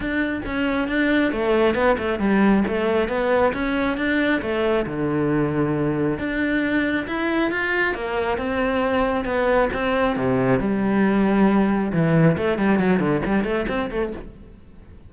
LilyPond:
\new Staff \with { instrumentName = "cello" } { \time 4/4 \tempo 4 = 136 d'4 cis'4 d'4 a4 | b8 a8 g4 a4 b4 | cis'4 d'4 a4 d4~ | d2 d'2 |
e'4 f'4 ais4 c'4~ | c'4 b4 c'4 c4 | g2. e4 | a8 g8 fis8 d8 g8 a8 c'8 a8 | }